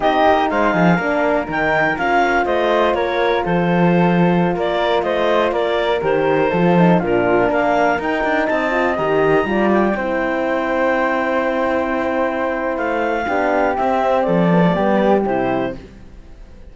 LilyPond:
<<
  \new Staff \with { instrumentName = "clarinet" } { \time 4/4 \tempo 4 = 122 dis''4 f''2 g''4 | f''4 dis''4 cis''4 c''4~ | c''4~ c''16 d''4 dis''4 d''8.~ | d''16 c''2 ais'4 f''8.~ |
f''16 g''4 a''4 ais''4. g''16~ | g''1~ | g''2 f''2 | e''4 d''2 c''4 | }
  \new Staff \with { instrumentName = "flute" } { \time 4/4 g'4 c''8 gis'8 ais'2~ | ais'4 c''4 ais'4 a'4~ | a'4~ a'16 ais'4 c''4 ais'8.~ | ais'4~ ais'16 a'4 f'4 ais'8.~ |
ais'4~ ais'16 dis''2 d''8.~ | d''16 c''2.~ c''8.~ | c''2. g'4~ | g'4 a'4 g'2 | }
  \new Staff \with { instrumentName = "horn" } { \time 4/4 dis'2 d'4 dis'4 | f'1~ | f'1~ | f'16 g'4 f'8 dis'8 d'4.~ d'16~ |
d'16 dis'4. f'8 g'4 f'8.~ | f'16 e'2.~ e'8.~ | e'2. d'4 | c'4. b16 a16 b4 e'4 | }
  \new Staff \with { instrumentName = "cello" } { \time 4/4 c'8 ais8 gis8 f8 ais4 dis4 | cis'4 a4 ais4 f4~ | f4~ f16 ais4 a4 ais8.~ | ais16 dis4 f4 ais,4 ais8.~ |
ais16 dis'8 d'8 c'4 dis4 g8.~ | g16 c'2.~ c'8.~ | c'2 a4 b4 | c'4 f4 g4 c4 | }
>>